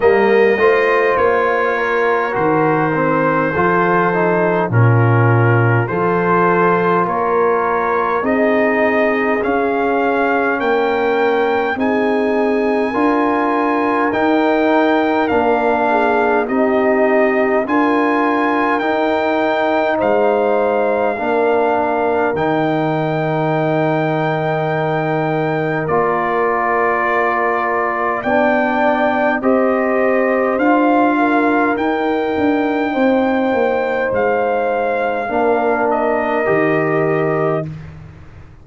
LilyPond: <<
  \new Staff \with { instrumentName = "trumpet" } { \time 4/4 \tempo 4 = 51 dis''4 cis''4 c''2 | ais'4 c''4 cis''4 dis''4 | f''4 g''4 gis''2 | g''4 f''4 dis''4 gis''4 |
g''4 f''2 g''4~ | g''2 d''2 | g''4 dis''4 f''4 g''4~ | g''4 f''4. dis''4. | }
  \new Staff \with { instrumentName = "horn" } { \time 4/4 ais'8 c''4 ais'4. a'4 | f'4 a'4 ais'4 gis'4~ | gis'4 ais'4 gis'4 ais'4~ | ais'4. gis'8 g'4 ais'4~ |
ais'4 c''4 ais'2~ | ais'1 | d''4 c''4. ais'4. | c''2 ais'2 | }
  \new Staff \with { instrumentName = "trombone" } { \time 4/4 ais8 f'4. fis'8 c'8 f'8 dis'8 | cis'4 f'2 dis'4 | cis'2 dis'4 f'4 | dis'4 d'4 dis'4 f'4 |
dis'2 d'4 dis'4~ | dis'2 f'2 | d'4 g'4 f'4 dis'4~ | dis'2 d'4 g'4 | }
  \new Staff \with { instrumentName = "tuba" } { \time 4/4 g8 a8 ais4 dis4 f4 | ais,4 f4 ais4 c'4 | cis'4 ais4 c'4 d'4 | dis'4 ais4 c'4 d'4 |
dis'4 gis4 ais4 dis4~ | dis2 ais2 | b4 c'4 d'4 dis'8 d'8 | c'8 ais8 gis4 ais4 dis4 | }
>>